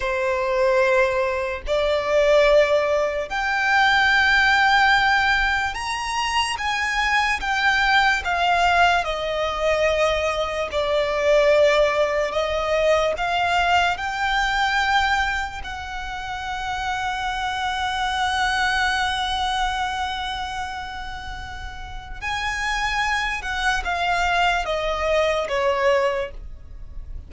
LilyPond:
\new Staff \with { instrumentName = "violin" } { \time 4/4 \tempo 4 = 73 c''2 d''2 | g''2. ais''4 | gis''4 g''4 f''4 dis''4~ | dis''4 d''2 dis''4 |
f''4 g''2 fis''4~ | fis''1~ | fis''2. gis''4~ | gis''8 fis''8 f''4 dis''4 cis''4 | }